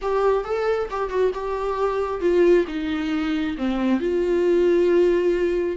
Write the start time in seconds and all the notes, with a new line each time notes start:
0.01 G4
0.44 A4
0.90 G4
1.09 F#4
1.34 G4
2.21 F4
2.67 D#4
3.57 C4
3.99 F4